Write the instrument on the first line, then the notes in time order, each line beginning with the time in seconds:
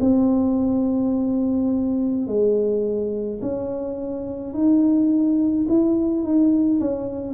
tuba
0.00 C4
2.27 G#3
3.41 C#4
4.53 D#4
5.68 E4
6.23 D#4
6.80 C#4